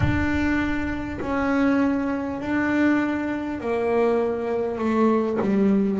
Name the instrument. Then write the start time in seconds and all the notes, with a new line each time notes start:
double bass
0.00 D4
1.21 C#4
2.40 D4
3.60 A#3
4.78 A3
5.41 G3